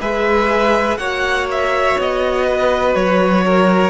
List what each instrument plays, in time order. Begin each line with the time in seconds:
0.00 cello G#3, viola G#4, violin B4 E5
0.98 cello A#3, viola F#4, violin C#5 F#5
1.51 violin E5
1.99 cello B3, violin D#5
2.46 violin B4
2.95 cello F#3, violin C#5
3.46 violin A#4